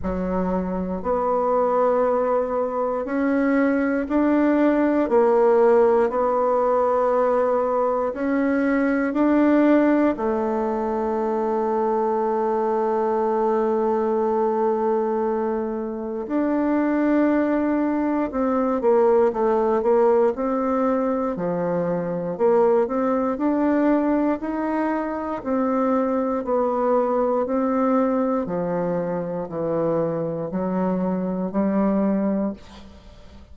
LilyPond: \new Staff \with { instrumentName = "bassoon" } { \time 4/4 \tempo 4 = 59 fis4 b2 cis'4 | d'4 ais4 b2 | cis'4 d'4 a2~ | a1 |
d'2 c'8 ais8 a8 ais8 | c'4 f4 ais8 c'8 d'4 | dis'4 c'4 b4 c'4 | f4 e4 fis4 g4 | }